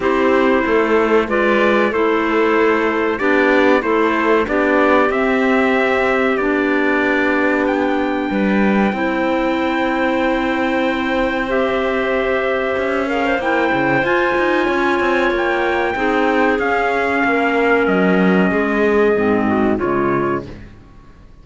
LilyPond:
<<
  \new Staff \with { instrumentName = "trumpet" } { \time 4/4 \tempo 4 = 94 c''2 d''4 c''4~ | c''4 d''4 c''4 d''4 | e''2 d''2 | g''1~ |
g''2 e''2~ | e''8 f''8 g''4 gis''2 | g''2 f''2 | dis''2. cis''4 | }
  \new Staff \with { instrumentName = "clarinet" } { \time 4/4 g'4 a'4 b'4 a'4~ | a'4 g'4 a'4 g'4~ | g'1~ | g'4 b'4 c''2~ |
c''1~ | c''8 gis'16 c''2~ c''16 cis''4~ | cis''4 gis'2 ais'4~ | ais'4 gis'4. fis'8 f'4 | }
  \new Staff \with { instrumentName = "clarinet" } { \time 4/4 e'2 f'4 e'4~ | e'4 d'4 e'4 d'4 | c'2 d'2~ | d'2 e'2~ |
e'2 g'2~ | g'8 ais'8 e'4 f'2~ | f'4 dis'4 cis'2~ | cis'2 c'4 gis4 | }
  \new Staff \with { instrumentName = "cello" } { \time 4/4 c'4 a4 gis4 a4~ | a4 b4 a4 b4 | c'2 b2~ | b4 g4 c'2~ |
c'1 | cis'4 ais8 cis8 f'8 dis'8 cis'8 c'8 | ais4 c'4 cis'4 ais4 | fis4 gis4 gis,4 cis4 | }
>>